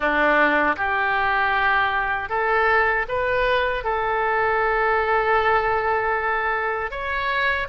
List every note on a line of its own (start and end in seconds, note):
0.00 0.76 D4
0.76 2.29 G4
2.29 3.06 A4
3.08 3.84 B4
3.84 6.90 A4
6.90 7.67 C#5